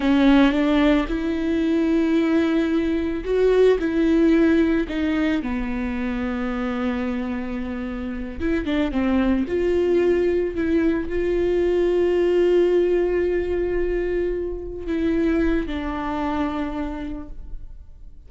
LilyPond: \new Staff \with { instrumentName = "viola" } { \time 4/4 \tempo 4 = 111 cis'4 d'4 e'2~ | e'2 fis'4 e'4~ | e'4 dis'4 b2~ | b2.~ b8 e'8 |
d'8 c'4 f'2 e'8~ | e'8 f'2.~ f'8~ | f'2.~ f'8 e'8~ | e'4 d'2. | }